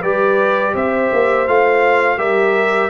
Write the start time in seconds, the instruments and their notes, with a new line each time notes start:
0.00 tuba G3, trombone G4, horn B4, trumpet D5
0.74 tuba C4, horn C5, trumpet E5
1.13 tuba A#3
1.48 tuba A3, trombone F4, trumpet F5
2.18 tuba G3, trombone G4, horn A#4, trumpet E5